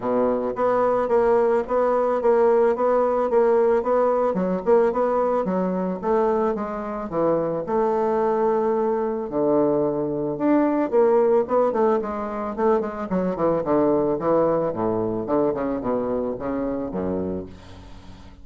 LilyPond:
\new Staff \with { instrumentName = "bassoon" } { \time 4/4 \tempo 4 = 110 b,4 b4 ais4 b4 | ais4 b4 ais4 b4 | fis8 ais8 b4 fis4 a4 | gis4 e4 a2~ |
a4 d2 d'4 | ais4 b8 a8 gis4 a8 gis8 | fis8 e8 d4 e4 a,4 | d8 cis8 b,4 cis4 fis,4 | }